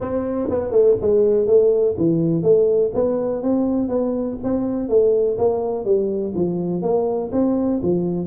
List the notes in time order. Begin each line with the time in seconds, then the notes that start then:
0.00 C4
0.50 B3
0.71 A3
1.01 G#3
1.46 A3
1.97 E3
2.42 A3
2.94 B3
3.42 C4
3.88 B3
4.43 C4
4.88 A3
5.38 A#3
5.84 G3
6.34 F3
6.82 A#3
7.31 C4
7.82 F3